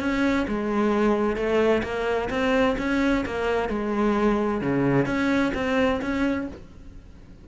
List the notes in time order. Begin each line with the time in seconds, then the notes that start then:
0.00 C#4
0.48 G#3
1.36 A3
1.83 A#3
2.30 C4
2.78 C#4
3.26 A#3
3.69 G#3
4.61 C#3
5.06 C#4
5.54 C4
6.01 C#4